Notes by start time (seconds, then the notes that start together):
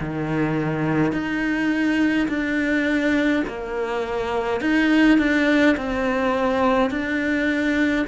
0.00 D#3
1.13 D#4
2.28 D4
3.48 A#3
4.61 D#4
5.19 D4
5.77 C4
6.91 D4